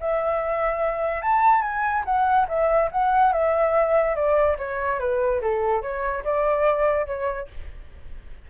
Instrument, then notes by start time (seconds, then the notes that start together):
flute
0.00 E5
1.22 A5
1.62 G#5
2.05 F#5
2.48 E5
2.91 F#5
3.33 E5
4.15 D5
4.58 C#5
4.99 B4
5.41 A4
5.82 C#5
6.24 D5
7.06 C#5